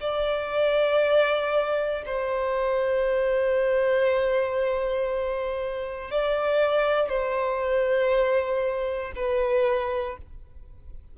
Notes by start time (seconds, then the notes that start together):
0.00 D5
2.06 C5
6.11 D5
7.09 C5
9.15 B4